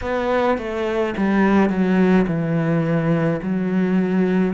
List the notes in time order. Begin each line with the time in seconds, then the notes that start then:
0.01 B3
0.58 A3
1.17 G3
1.69 F#3
2.27 E3
3.42 F#3